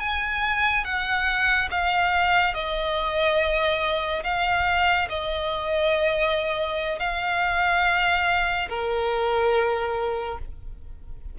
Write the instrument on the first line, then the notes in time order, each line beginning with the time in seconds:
violin
0.00 G#5
0.84 F#5
1.71 F5
2.54 D#5
4.24 F5
5.09 D#5
6.99 F5
8.69 A#4